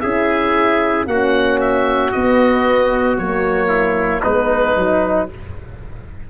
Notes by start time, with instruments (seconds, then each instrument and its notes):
0.00 tuba C#4, horn E4, trumpet G#4, oboe E5
1.06 tuba A#3, horn C#4, trumpet F#4, oboe F#5
1.60 oboe E5
2.11 horn B3, tuba B3, oboe D#5
3.17 tuba F#3, horn A#3, oboe C#5
3.68 trumpet E4
4.22 tuba G#3, horn B3, trumpet D#4, oboe B4
4.76 tuba F#3, horn D#4